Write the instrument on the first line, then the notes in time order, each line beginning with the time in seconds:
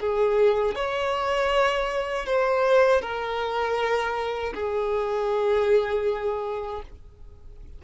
violin
0.00 G#4
0.75 C#5
2.25 C5
3.01 A#4
4.54 G#4